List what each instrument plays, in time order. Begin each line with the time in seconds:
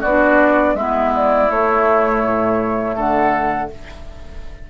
0.00 bassoon B3, oboe F#4, flute D5
0.06 clarinet D4
0.74 bassoon G#3, clarinet B3, oboe E4, flute E5
1.15 flute D5
1.49 clarinet A3, bassoon A3, flute C#5
2.23 bassoon A2
2.95 bassoon D3, oboe A4, flute F#5